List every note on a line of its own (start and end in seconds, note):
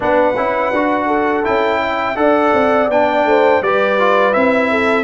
0.00 0.36 B3
0.00 0.34 D4
0.00 1.06 B4
0.00 1.44 F#5
0.36 0.71 C#4
0.36 0.73 E4
0.71 1.44 D4
0.71 1.43 F#4
1.06 1.79 A4
1.43 2.16 C#4
1.43 2.15 E4
1.43 2.17 G5
1.81 2.17 E5
2.15 2.52 D4
2.15 2.88 A4
2.15 3.28 D5
2.15 2.89 F#5
2.53 2.88 C4
2.88 3.24 B3
2.88 3.63 D4
2.88 3.62 G5
3.24 3.61 A3
3.24 3.63 C5
3.61 4.34 G3
3.61 3.99 G4
3.61 4.70 B4
3.61 4.33 D5
3.99 4.32 F4
4.32 5.04 C4
4.32 5.04 E4
4.32 5.04 E5
4.70 5.04 A4